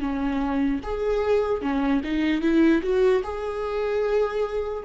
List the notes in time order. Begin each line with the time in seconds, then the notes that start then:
0.00 C#4
0.83 G#4
1.61 C#4
2.04 D#4
2.41 E4
2.82 F#4
3.23 G#4